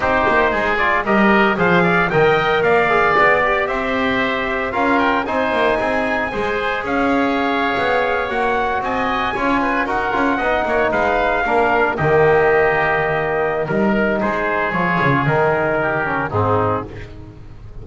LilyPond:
<<
  \new Staff \with { instrumentName = "trumpet" } { \time 4/4 \tempo 4 = 114 c''4. d''8 dis''4 f''4 | g''4 f''4 d''4 e''4~ | e''4 f''8 g''8 gis''2~ | gis''4 f''2~ f''8. fis''16~ |
fis''8. gis''2 fis''4~ fis''16~ | fis''8. f''2 dis''4~ dis''16~ | dis''2 ais'4 c''4 | cis''4 ais'2 gis'4 | }
  \new Staff \with { instrumentName = "oboe" } { \time 4/4 g'4 gis'4 ais'4 c''8 d''8 | dis''4 d''2 c''4~ | c''4 ais'4 c''4 gis'4 | c''4 cis''2.~ |
cis''8. dis''4 cis''8 b'8 ais'4 dis''16~ | dis''16 cis''8 b'4 ais'4 g'4~ g'16~ | g'2 ais'4 gis'4~ | gis'2 g'4 dis'4 | }
  \new Staff \with { instrumentName = "trombone" } { \time 4/4 dis'4. f'8 g'4 gis'4 | ais'4. gis'4 g'4.~ | g'4 f'4 dis'2 | gis'2.~ gis'8. fis'16~ |
fis'4.~ fis'16 f'4 fis'8 f'8 dis'16~ | dis'4.~ dis'16 d'4 ais4~ ais16~ | ais2 dis'2 | f'4 dis'4. cis'8 c'4 | }
  \new Staff \with { instrumentName = "double bass" } { \time 4/4 c'8 ais8 gis4 g4 f4 | dis4 ais4 b4 c'4~ | c'4 cis'4 c'8 ais8 c'4 | gis4 cis'4.~ cis'16 b4 ais16~ |
ais8. c'4 cis'4 dis'8 cis'8 b16~ | b16 ais8 gis4 ais4 dis4~ dis16~ | dis2 g4 gis4 | f8 cis8 dis2 gis,4 | }
>>